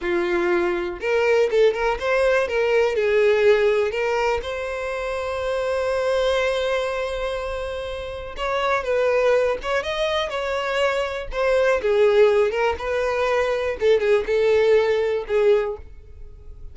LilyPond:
\new Staff \with { instrumentName = "violin" } { \time 4/4 \tempo 4 = 122 f'2 ais'4 a'8 ais'8 | c''4 ais'4 gis'2 | ais'4 c''2.~ | c''1~ |
c''4 cis''4 b'4. cis''8 | dis''4 cis''2 c''4 | gis'4. ais'8 b'2 | a'8 gis'8 a'2 gis'4 | }